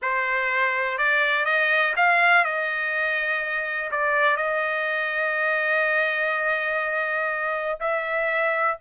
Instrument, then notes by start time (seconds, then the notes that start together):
trumpet
0.02 C5
0.98 D5
1.45 D#5
1.96 F5
2.44 D#5
3.91 D5
4.37 D#5
7.80 E5